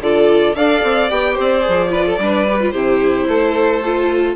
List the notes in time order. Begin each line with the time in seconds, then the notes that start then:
0.00 D3 F4 A4 D5
0.54 D4 A4 D5 F5
0.83 C4
1.08 B3 G4 G5
1.33 C4 C5
1.40 D5
1.60 G#4
1.68 F3
1.90 F4 B4
2.05 A4
2.19 G3 D4 B4
2.49 G4
2.61 F4
2.70 C3 E4 G4 C5
3.27 A3 A4
3.85 F4